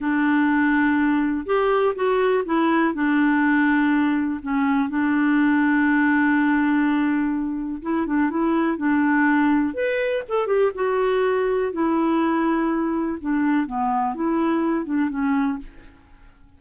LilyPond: \new Staff \with { instrumentName = "clarinet" } { \time 4/4 \tempo 4 = 123 d'2. g'4 | fis'4 e'4 d'2~ | d'4 cis'4 d'2~ | d'1 |
e'8 d'8 e'4 d'2 | b'4 a'8 g'8 fis'2 | e'2. d'4 | b4 e'4. d'8 cis'4 | }